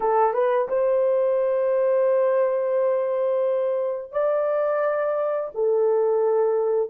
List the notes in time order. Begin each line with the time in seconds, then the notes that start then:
0.00 A4
0.33 B4
0.68 C5
4.12 D5
5.54 A4